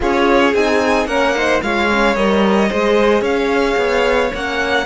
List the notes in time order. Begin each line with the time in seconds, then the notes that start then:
0.00 C#4 F4 G#4 C#5
0.54 C4 D#4 G#5
1.06 A#3 C#4 A#4 F#5
1.34 D#4 C5
1.62 G#3 F4 C#5 F5
1.90 C#4
2.15 G3 A#4 D#5
2.69 G#3 G#4 C5
3.21 C#4 C#5 F5
3.76 B3
4.33 A#3 C#4 F#5